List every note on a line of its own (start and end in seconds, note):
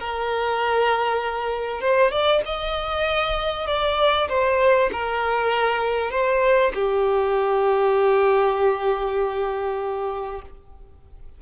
0.00 1.81 A#4
1.81 2.12 C5
2.12 2.42 D5
2.46 3.67 D#5
3.67 4.28 D5
4.29 4.90 C5
4.93 6.11 A#4
6.11 6.72 C5
6.75 10.42 G4